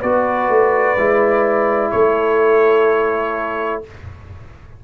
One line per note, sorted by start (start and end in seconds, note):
0.00 0.49 B3
0.00 0.98 F#4
0.00 1.90 B4
0.00 1.91 D5
0.49 0.97 A3
0.98 1.93 G#3
0.98 3.83 E4
1.91 3.84 A3
1.91 3.84 A4
1.91 3.82 C#5